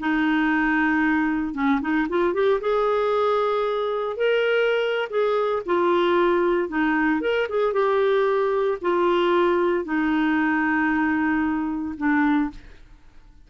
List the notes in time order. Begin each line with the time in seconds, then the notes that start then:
0.00 D#4
1.54 C#4
1.81 D#4
2.09 F4
2.34 G4
2.61 G#4
4.17 A#4
5.10 G#4
5.66 F4
6.69 D#4
7.21 A#4
7.49 G#4
7.73 G4
8.82 F4
9.85 D#4
11.98 D4